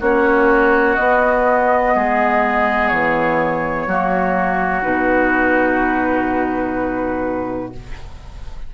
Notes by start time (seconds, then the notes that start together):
0.00 A#3 C#4 F#4 C#5
0.94 B3 D#5
1.95 G#3 G#4
2.88 E3 C#5
3.86 F#3 A#3 F#4
4.82 B2 D#4 B4